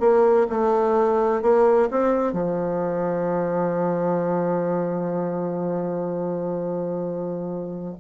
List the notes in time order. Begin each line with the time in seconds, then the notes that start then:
0.00 A#3
0.50 A3
1.42 A#3
1.91 C4
2.33 F3